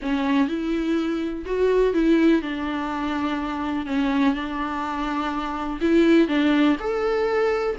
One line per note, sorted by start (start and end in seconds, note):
0.02 0.48 C#4
0.48 1.44 E4
1.45 1.93 F#4
1.93 2.42 E4
2.42 3.86 D4
3.86 4.34 C#4
4.34 5.79 D4
5.80 6.28 E4
6.28 6.76 D4
6.79 7.76 A4